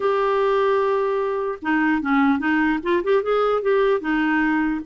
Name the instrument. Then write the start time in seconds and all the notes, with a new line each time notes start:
clarinet
0.00 G4
1.62 D#4
2.01 C#4
2.38 D#4
2.82 F4
3.03 G4
3.22 G#4
3.62 G4
4.00 D#4